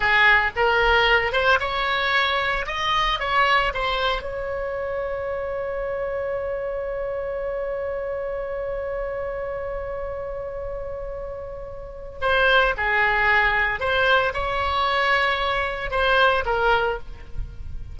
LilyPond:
\new Staff \with { instrumentName = "oboe" } { \time 4/4 \tempo 4 = 113 gis'4 ais'4. c''8 cis''4~ | cis''4 dis''4 cis''4 c''4 | cis''1~ | cis''1~ |
cis''1~ | cis''2. c''4 | gis'2 c''4 cis''4~ | cis''2 c''4 ais'4 | }